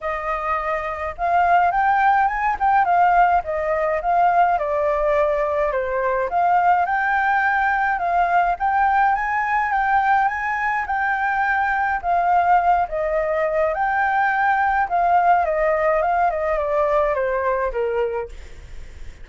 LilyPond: \new Staff \with { instrumentName = "flute" } { \time 4/4 \tempo 4 = 105 dis''2 f''4 g''4 | gis''8 g''8 f''4 dis''4 f''4 | d''2 c''4 f''4 | g''2 f''4 g''4 |
gis''4 g''4 gis''4 g''4~ | g''4 f''4. dis''4. | g''2 f''4 dis''4 | f''8 dis''8 d''4 c''4 ais'4 | }